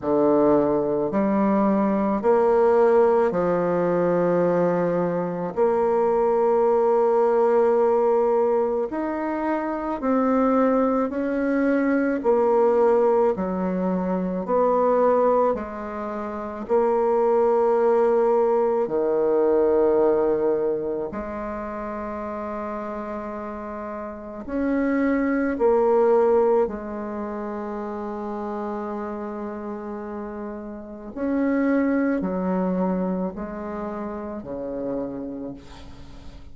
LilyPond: \new Staff \with { instrumentName = "bassoon" } { \time 4/4 \tempo 4 = 54 d4 g4 ais4 f4~ | f4 ais2. | dis'4 c'4 cis'4 ais4 | fis4 b4 gis4 ais4~ |
ais4 dis2 gis4~ | gis2 cis'4 ais4 | gis1 | cis'4 fis4 gis4 cis4 | }